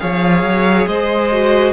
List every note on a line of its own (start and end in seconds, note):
0.00 0.42 F3
0.00 1.32 G#4
0.00 0.89 C#5
0.00 0.87 F5
0.42 0.86 F#3
0.87 1.74 G#3
0.87 1.74 C5
0.87 1.74 D#5
1.33 1.74 F#4